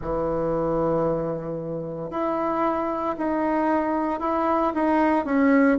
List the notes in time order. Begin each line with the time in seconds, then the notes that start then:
0.01 E3
2.10 E4
3.17 D#4
4.20 E4
4.74 D#4
5.25 C#4